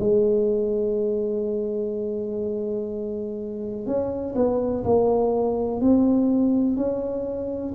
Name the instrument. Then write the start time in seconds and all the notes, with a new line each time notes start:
tuba
0.00 G#3
3.87 C#4
4.35 B3
4.84 A#3
5.82 C4
6.77 C#4